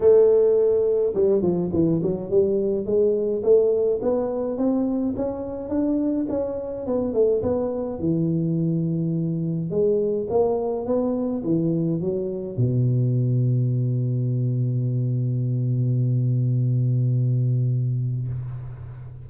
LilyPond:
\new Staff \with { instrumentName = "tuba" } { \time 4/4 \tempo 4 = 105 a2 g8 f8 e8 fis8 | g4 gis4 a4 b4 | c'4 cis'4 d'4 cis'4 | b8 a8 b4 e2~ |
e4 gis4 ais4 b4 | e4 fis4 b,2~ | b,1~ | b,1 | }